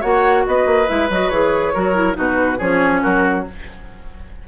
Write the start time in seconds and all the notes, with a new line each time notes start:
0.00 A#3 F#4 C#5 F#5
0.46 B3 B4 D#5
0.66 A#3
0.87 G#3 E4 E5
1.10 F#3 F#4 D#5
1.29 E3 G#4 C#5
1.74 F#3 F#4 A#4
1.94 E4
2.13 B2 D#4 F#4 B4
2.58 F3 C#4 G#4 C#5
3.02 F#3 F#4 A#4